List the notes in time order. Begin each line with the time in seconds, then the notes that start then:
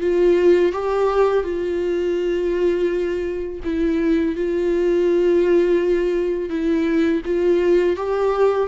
0.00 F4
0.72 G4
1.43 F4
3.63 E4
4.35 F4
6.49 E4
7.25 F4
7.96 G4